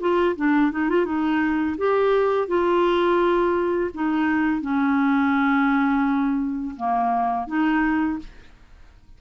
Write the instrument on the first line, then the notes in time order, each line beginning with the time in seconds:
clarinet
0.00 F4
0.36 D4
0.72 D#4
0.89 F4
1.05 D#4
1.77 G4
2.47 F4
3.94 D#4
4.61 C#4
6.77 A#3
7.47 D#4